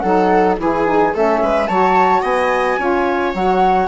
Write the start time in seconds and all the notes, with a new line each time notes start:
0.00 F#3 D#4 A4 F#5
0.59 E3 E4 G#4 G#5
0.86 D#4
1.14 A3 C#4 A4 E5
1.42 G#3 B4
1.67 F#3 F#4 C#5 A5
2.23 B3 D#5 G#5
2.78 C#4 F4 C#5
3.35 F#3 F#4 F#5